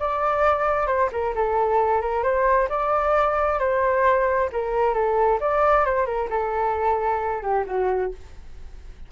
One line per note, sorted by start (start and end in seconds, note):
0.00 0.87 D5
0.87 1.10 C5
1.12 1.35 A#4
1.36 2.02 A4
2.02 2.24 A#4
2.24 2.69 C5
2.69 3.60 D5
3.60 4.50 C5
4.53 4.94 A#4
4.94 5.40 A4
5.41 5.86 D5
5.86 6.06 C5
6.06 6.29 A#4
6.30 7.43 A4
7.43 7.65 G4
7.67 8.12 F#4